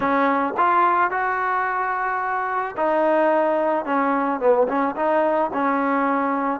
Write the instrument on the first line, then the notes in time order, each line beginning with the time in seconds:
trombone
0.00 C#4
0.57 F4
1.10 F#4
2.76 D#4
3.85 C#4
4.39 B3
4.67 C#4
4.95 D#4
5.53 C#4